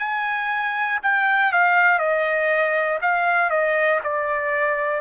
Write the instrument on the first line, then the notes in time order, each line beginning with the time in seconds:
trumpet
0.00 G#5
1.04 G5
1.53 F5
2.00 D#5
3.02 F5
3.51 D#5
4.04 D5